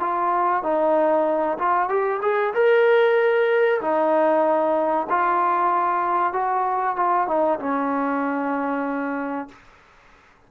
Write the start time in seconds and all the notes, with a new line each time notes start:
0.00 F4
0.63 D#4
1.59 F4
1.89 G4
2.22 G#4
2.55 A#4
3.81 D#4
5.10 F4
6.33 F#4
6.96 F4
7.28 D#4
7.60 C#4